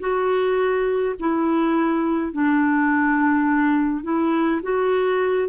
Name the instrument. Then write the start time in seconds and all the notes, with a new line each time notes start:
clarinet
0.00 F#4
1.19 E4
2.32 D4
4.03 E4
4.63 F#4